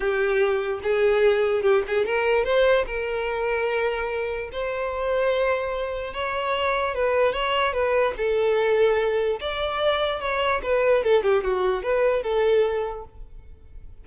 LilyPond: \new Staff \with { instrumentName = "violin" } { \time 4/4 \tempo 4 = 147 g'2 gis'2 | g'8 gis'8 ais'4 c''4 ais'4~ | ais'2. c''4~ | c''2. cis''4~ |
cis''4 b'4 cis''4 b'4 | a'2. d''4~ | d''4 cis''4 b'4 a'8 g'8 | fis'4 b'4 a'2 | }